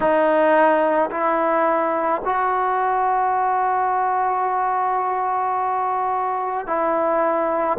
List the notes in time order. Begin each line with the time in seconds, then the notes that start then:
0.00 D#4
1.11 E4
2.24 F#4
6.66 E4